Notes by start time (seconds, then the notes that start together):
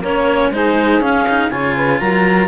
0.00 A#3 C#4 A#4 C#5
0.50 G#3 D#4 G#4 C5
0.99 C#4 F5
1.29 D#4
1.50 C#3 F4 C#5 G#5
1.76 B4
1.99 F#3 A#4 A#5